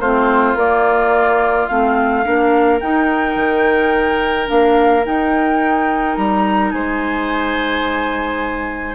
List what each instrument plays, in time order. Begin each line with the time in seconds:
0.00 bassoon A3, clarinet C4, oboe F4, flute C5
0.54 bassoon A#3, clarinet A#3, flute D5
1.67 bassoon A3, clarinet C4, flute F5
2.24 bassoon A#3, clarinet D4, oboe A#4
2.80 clarinet D#4, bassoon D#4, flute G5
3.36 bassoon D#3
4.46 bassoon A#3, clarinet D4, flute F5
5.05 clarinet D#4, bassoon D#4, flute G5
6.16 bassoon G3, flute A#5
6.71 bassoon G#3, oboe C5, flute G#5